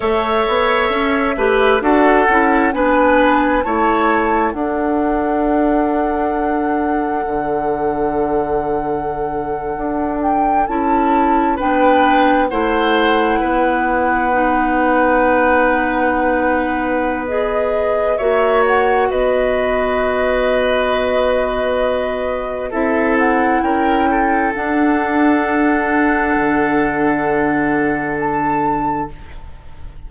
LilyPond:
<<
  \new Staff \with { instrumentName = "flute" } { \time 4/4 \tempo 4 = 66 e''2 fis''4 gis''4 | a''4 fis''2.~ | fis''2.~ fis''16 g''8 a''16~ | a''8. g''4 fis''2~ fis''16~ |
fis''2. dis''4 | e''8 fis''8 dis''2.~ | dis''4 e''8 fis''8 g''4 fis''4~ | fis''2. a''4 | }
  \new Staff \with { instrumentName = "oboe" } { \time 4/4 cis''4. b'8 a'4 b'4 | cis''4 a'2.~ | a'1~ | a'8. b'4 c''4 b'4~ b'16~ |
b'1 | cis''4 b'2.~ | b'4 a'4 ais'8 a'4.~ | a'1 | }
  \new Staff \with { instrumentName = "clarinet" } { \time 4/4 a'4. g'8 fis'8 e'8 d'4 | e'4 d'2.~ | d'2.~ d'8. e'16~ | e'8. d'4 e'2 dis'16~ |
dis'2. gis'4 | fis'1~ | fis'4 e'2 d'4~ | d'1 | }
  \new Staff \with { instrumentName = "bassoon" } { \time 4/4 a8 b8 cis'8 a8 d'8 cis'8 b4 | a4 d'2. | d2~ d8. d'4 cis'16~ | cis'8. b4 a4 b4~ b16~ |
b1 | ais4 b2.~ | b4 c'4 cis'4 d'4~ | d'4 d2. | }
>>